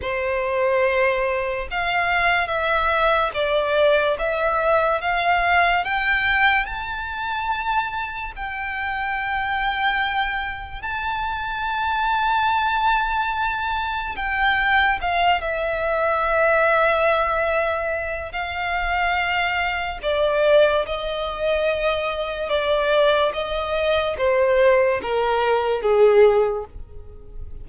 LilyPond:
\new Staff \with { instrumentName = "violin" } { \time 4/4 \tempo 4 = 72 c''2 f''4 e''4 | d''4 e''4 f''4 g''4 | a''2 g''2~ | g''4 a''2.~ |
a''4 g''4 f''8 e''4.~ | e''2 f''2 | d''4 dis''2 d''4 | dis''4 c''4 ais'4 gis'4 | }